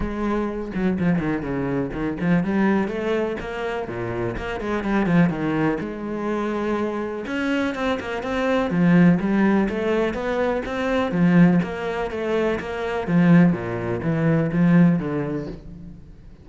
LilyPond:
\new Staff \with { instrumentName = "cello" } { \time 4/4 \tempo 4 = 124 gis4. fis8 f8 dis8 cis4 | dis8 f8 g4 a4 ais4 | ais,4 ais8 gis8 g8 f8 dis4 | gis2. cis'4 |
c'8 ais8 c'4 f4 g4 | a4 b4 c'4 f4 | ais4 a4 ais4 f4 | ais,4 e4 f4 d4 | }